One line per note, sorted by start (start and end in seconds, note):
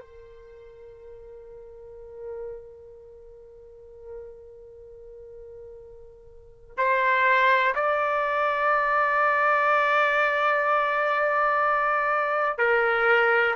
0.00 6.77 A#4
6.78 7.75 C5
7.76 12.59 D5
12.59 13.55 A#4